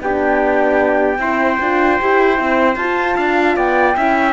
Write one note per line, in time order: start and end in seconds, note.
0.00 1.18 B3
0.00 1.19 D4
0.00 1.20 G4
0.00 2.76 G5
1.18 1.57 C4
1.18 1.59 E4
1.18 3.16 C5
1.60 1.99 D4
1.60 2.00 F4
2.00 2.39 E4
2.00 2.36 G4
2.36 2.76 C4
2.36 2.75 E4
2.76 3.15 F4
2.76 3.96 F4
2.76 3.55 A5
3.16 3.56 D4
3.16 3.56 F5
3.56 3.96 B3
3.56 3.95 D5
3.56 4.33 G5
3.96 4.33 C#4
3.96 4.33 E4
3.96 4.33 E5